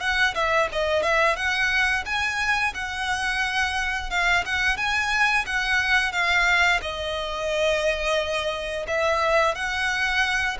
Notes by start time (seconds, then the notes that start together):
0.00 F#5
0.34 E5
0.72 D#5
1.02 E5
1.36 F#5
2.05 G#5
2.74 F#5
4.10 F5
4.45 F#5
4.77 G#5
5.46 F#5
6.12 F5
6.82 D#5
8.87 E5
9.55 F#5